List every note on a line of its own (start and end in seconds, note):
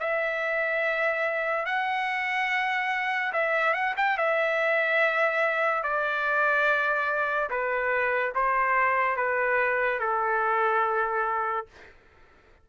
0.00 1.66 E5
1.66 3.32 F#5
3.33 3.73 E5
3.73 3.94 F#5
3.97 4.17 G5
4.17 5.83 E5
5.83 7.50 D5
7.50 8.33 B4
8.35 9.16 C5
9.16 10.00 B4
10.00 11.66 A4